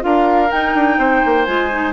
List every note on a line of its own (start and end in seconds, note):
0.00 0.51 D4
0.00 0.48 F4
0.00 0.98 A#4
0.00 0.51 F5
0.51 0.74 D#4
0.51 1.46 D#4
0.51 1.44 G5
0.74 0.97 D4
0.97 1.21 C4
0.97 1.93 C5
1.25 1.47 A#3
1.44 1.93 G#3
1.44 1.70 F4
1.44 1.92 G#5
1.71 1.93 D#4